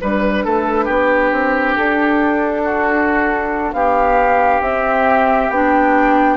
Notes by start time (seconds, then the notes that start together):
0.00 G3 D4 B4
0.45 A3 A4
0.85 B3 G4
1.32 C4
1.77 D4 A4
2.65 F#4
3.73 B3 G4 F5
4.61 C4 E5
5.50 B3 D4 G5